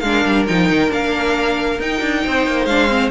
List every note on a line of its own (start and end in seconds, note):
0.00 0.25 G#3
0.00 0.48 D4
0.00 0.44 F5
0.07 2.26 A#4
0.25 0.48 G3
0.48 0.70 F3
0.48 0.89 D#4
0.48 0.92 G5
0.70 0.92 D#3
0.89 1.80 A#3
0.89 1.78 D4
0.89 1.81 F5
1.80 2.01 D#4
1.80 2.70 D#4
1.80 2.66 G5
2.01 2.23 D4
2.26 2.47 C4
2.26 3.11 C5
2.47 2.66 A#3
2.66 3.10 G#3
2.66 2.89 D4
2.66 3.10 F5
2.89 3.11 C4